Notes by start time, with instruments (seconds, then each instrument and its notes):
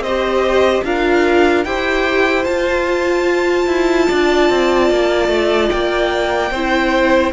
0.00 cello C4, violin C5 D#5
0.07 viola G4
0.84 cello D4, viola F4, violin A#4 F5
1.64 cello E4, viola G4, violin C5 G5
2.44 viola F4, cello F4, violin A5
3.67 cello E4
4.08 cello D4, violin D5
4.49 cello C4
4.90 cello A#3
5.28 cello A3
5.70 cello A#3, violin G5
6.51 cello C4, viola E4, violin C5